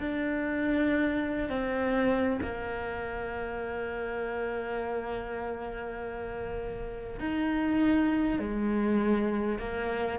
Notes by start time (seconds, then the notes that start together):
0.00 D4
1.49 C4
2.42 A#3
7.20 D#4
8.39 G#3
9.59 A#3